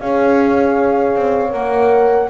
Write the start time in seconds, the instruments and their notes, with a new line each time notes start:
0.00 double bass C#4, horn G#4 C#5, flute F5
1.15 double bass C4
1.50 double bass A#3, horn A#4, flute F#5